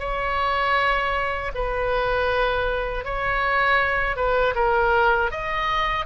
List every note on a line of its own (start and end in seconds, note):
0.00 1.52 C#5
1.55 3.05 B4
3.05 4.17 C#5
4.17 4.55 B4
4.55 5.31 A#4
5.31 6.06 D#5